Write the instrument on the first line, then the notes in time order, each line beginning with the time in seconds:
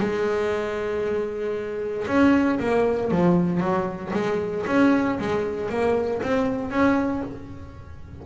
double bass
0.00 G#3
2.08 C#4
2.60 A#3
3.11 F3
3.60 F#3
4.14 G#3
4.67 C#4
5.19 G#3
5.70 A#3
6.23 C4
6.71 C#4